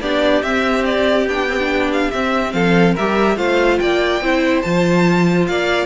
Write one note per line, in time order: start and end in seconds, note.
0.00 0.42 B3
0.00 0.43 D4
0.00 2.53 G4
0.00 0.42 D5
0.42 1.26 C4
0.42 1.27 C4
0.42 0.84 E5
0.85 1.27 D5
1.26 2.10 B3
1.26 1.49 D4
1.26 1.91 G5
1.49 1.58 C4
1.58 2.11 D4
1.92 2.10 F5
2.10 2.53 C4
2.10 2.97 C4
2.10 2.52 E5
2.52 2.95 F3
2.52 2.94 A4
2.52 2.94 F5
2.94 3.36 G3
2.94 3.36 G4
2.94 3.36 A#4
2.94 3.37 E5
3.36 3.78 A3
3.36 4.20 F4
3.36 3.79 C5
3.36 3.79 F5
3.79 4.20 A#3
3.79 4.23 D5
3.79 4.61 G5
4.20 4.62 C4
4.20 4.63 E4
4.20 5.49 C5
4.61 5.48 F3
4.61 5.86 F4
4.61 5.45 A5
5.47 5.86 A#3
5.47 5.86 D5
5.47 5.86 F5